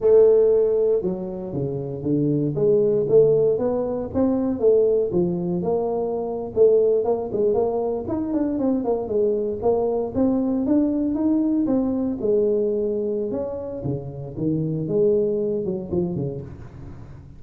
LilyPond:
\new Staff \with { instrumentName = "tuba" } { \time 4/4 \tempo 4 = 117 a2 fis4 cis4 | d4 gis4 a4 b4 | c'4 a4 f4 ais4~ | ais8. a4 ais8 gis8 ais4 dis'16~ |
dis'16 d'8 c'8 ais8 gis4 ais4 c'16~ | c'8. d'4 dis'4 c'4 gis16~ | gis2 cis'4 cis4 | dis4 gis4. fis8 f8 cis8 | }